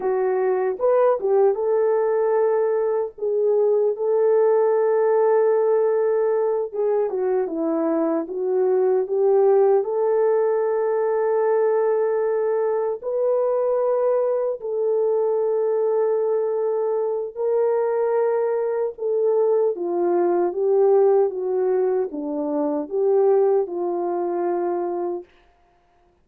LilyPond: \new Staff \with { instrumentName = "horn" } { \time 4/4 \tempo 4 = 76 fis'4 b'8 g'8 a'2 | gis'4 a'2.~ | a'8 gis'8 fis'8 e'4 fis'4 g'8~ | g'8 a'2.~ a'8~ |
a'8 b'2 a'4.~ | a'2 ais'2 | a'4 f'4 g'4 fis'4 | d'4 g'4 f'2 | }